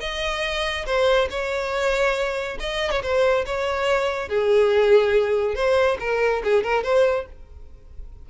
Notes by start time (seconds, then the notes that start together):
0.00 D#5
0.85 C5
1.30 C#5
2.59 D#5
2.91 C#5
3.02 C5
3.45 C#5
4.28 G#4
5.54 C5
5.99 A#4
6.44 G#4
6.63 A#4
6.83 C5